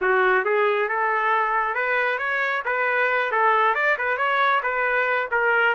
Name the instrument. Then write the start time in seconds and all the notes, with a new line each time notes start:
trumpet
0.01 F#4
0.44 G#4
0.88 A4
1.74 B4
2.18 C#5
2.65 B4
3.31 A4
3.74 D5
3.98 B4
4.17 C#5
4.63 B4
5.31 A#4